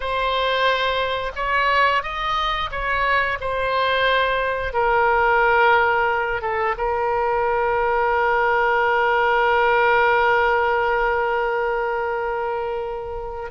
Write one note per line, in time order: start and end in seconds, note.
0.00 1.32 C5
1.35 2.02 C#5
2.02 2.70 D#5
2.71 3.38 C#5
3.40 4.73 C5
4.73 6.41 A#4
6.41 6.75 A4
6.77 13.50 A#4